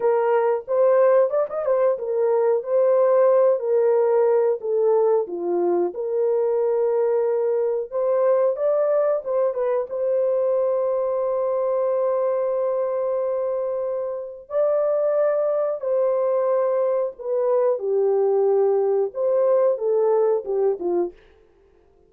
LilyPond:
\new Staff \with { instrumentName = "horn" } { \time 4/4 \tempo 4 = 91 ais'4 c''4 d''16 dis''16 c''8 ais'4 | c''4. ais'4. a'4 | f'4 ais'2. | c''4 d''4 c''8 b'8 c''4~ |
c''1~ | c''2 d''2 | c''2 b'4 g'4~ | g'4 c''4 a'4 g'8 f'8 | }